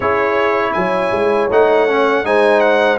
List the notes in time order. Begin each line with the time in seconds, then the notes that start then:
0.00 C#4 E4 G#4 C#5
0.73 F#3 C#5 G#5
1.11 G#3
1.50 A3 D#4 F#5
1.88 C#4
2.24 G#3 D#4 C5 G#5
2.60 F#5